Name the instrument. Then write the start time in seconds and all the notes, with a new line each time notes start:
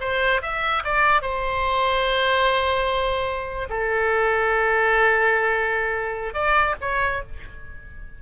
oboe
0.00 C5
0.42 E5
0.84 D5
1.22 C5
3.69 A4
6.34 D5
6.81 C#5